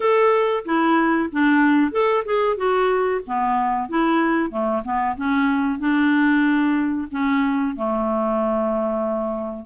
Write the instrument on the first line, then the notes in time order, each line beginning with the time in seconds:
clarinet
0.00 A4
0.65 E4
1.31 D4
1.91 A4
2.25 G#4
2.56 F#4
3.26 B3
3.89 E4
4.50 A3
4.84 B3
5.16 C#4
5.79 D4
7.11 C#4
7.75 A3